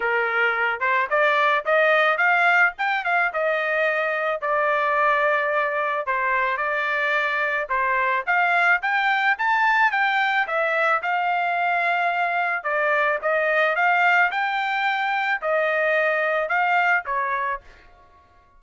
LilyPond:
\new Staff \with { instrumentName = "trumpet" } { \time 4/4 \tempo 4 = 109 ais'4. c''8 d''4 dis''4 | f''4 g''8 f''8 dis''2 | d''2. c''4 | d''2 c''4 f''4 |
g''4 a''4 g''4 e''4 | f''2. d''4 | dis''4 f''4 g''2 | dis''2 f''4 cis''4 | }